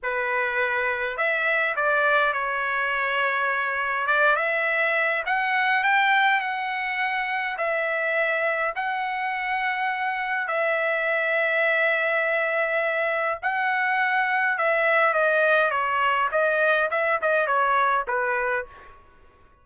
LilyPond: \new Staff \with { instrumentName = "trumpet" } { \time 4/4 \tempo 4 = 103 b'2 e''4 d''4 | cis''2. d''8 e''8~ | e''4 fis''4 g''4 fis''4~ | fis''4 e''2 fis''4~ |
fis''2 e''2~ | e''2. fis''4~ | fis''4 e''4 dis''4 cis''4 | dis''4 e''8 dis''8 cis''4 b'4 | }